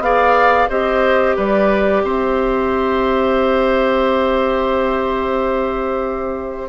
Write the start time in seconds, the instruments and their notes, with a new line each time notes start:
0.00 bassoon B3, clarinet G#4, oboe D5, flute F5
0.69 bassoon C4, clarinet G4, oboe C5, flute D#5
1.36 bassoon G3, oboe B4, flute D5
2.03 bassoon C4, oboe C5, flute E5